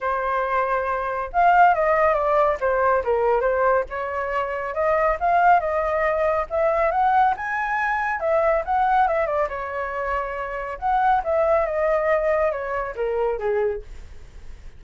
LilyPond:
\new Staff \with { instrumentName = "flute" } { \time 4/4 \tempo 4 = 139 c''2. f''4 | dis''4 d''4 c''4 ais'4 | c''4 cis''2 dis''4 | f''4 dis''2 e''4 |
fis''4 gis''2 e''4 | fis''4 e''8 d''8 cis''2~ | cis''4 fis''4 e''4 dis''4~ | dis''4 cis''4 ais'4 gis'4 | }